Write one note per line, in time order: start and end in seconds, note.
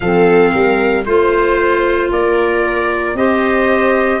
0.00 0.53 F3
0.00 1.06 C4
0.00 0.51 A4
0.00 1.05 F5
0.51 1.06 G3
0.51 1.04 A#4
1.05 2.10 A3
1.05 3.16 F4
1.05 2.10 C5
2.10 3.14 A#3
2.10 3.17 A#4
2.10 3.16 D5
3.14 4.19 C4
3.14 4.20 G4
3.14 4.20 C5
3.14 4.20 D#5